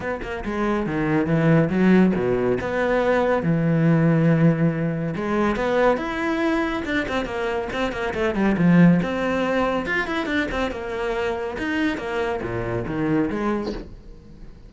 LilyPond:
\new Staff \with { instrumentName = "cello" } { \time 4/4 \tempo 4 = 140 b8 ais8 gis4 dis4 e4 | fis4 b,4 b2 | e1 | gis4 b4 e'2 |
d'8 c'8 ais4 c'8 ais8 a8 g8 | f4 c'2 f'8 e'8 | d'8 c'8 ais2 dis'4 | ais4 ais,4 dis4 gis4 | }